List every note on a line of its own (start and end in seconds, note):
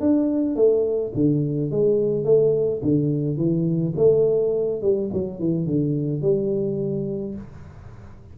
0.00 0.55 D4
0.55 1.12 A3
1.14 1.71 D3
1.71 2.24 G#3
2.24 2.81 A3
2.82 3.37 D3
3.37 3.93 E3
3.96 4.81 A3
4.82 5.10 G3
5.13 5.39 F#3
5.39 5.66 E3
5.66 6.21 D3
6.21 7.35 G3